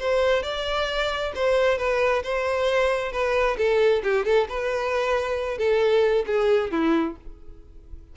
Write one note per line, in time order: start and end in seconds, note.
0.00 0.43 C5
0.43 1.32 D5
1.36 1.78 C5
1.78 2.23 B4
2.23 3.12 C5
3.12 3.57 B4
3.58 4.02 A4
4.04 4.25 G4
4.25 4.48 A4
4.49 5.58 B4
5.58 6.25 A4
6.27 6.71 G#4
6.71 7.16 E4